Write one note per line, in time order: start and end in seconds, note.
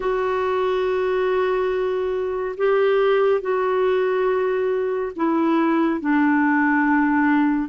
0.00 2.55 F#4
2.57 3.41 G4
3.41 5.12 F#4
5.16 6.00 E4
6.00 7.68 D4